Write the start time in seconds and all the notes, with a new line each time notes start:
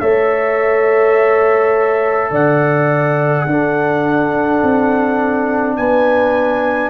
0.00 A3 A4 C#5 E5
2.31 D3 D5 F#5
3.46 D4 A4
4.63 C4
5.76 B3 B4 G#5